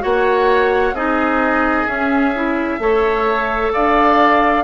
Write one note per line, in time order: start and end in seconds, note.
0.00 0.92 A#3
0.00 0.92 F#4
0.00 0.94 C#5
0.00 0.94 F#5
0.92 1.85 C4
0.92 1.87 D#4
0.92 2.79 G#4
0.92 1.87 D#5
1.87 2.33 C#4
1.87 2.79 C#4
1.87 3.72 E5
2.35 2.79 E4
2.79 3.71 A3
2.79 4.63 A4
2.79 3.72 C#5
3.72 4.63 D4
3.72 4.63 D5
3.72 4.63 F5